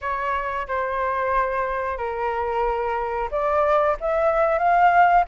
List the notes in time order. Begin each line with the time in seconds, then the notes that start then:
0.01 C#5
0.67 C5
1.97 A#4
3.31 D5
4.00 E5
4.58 F5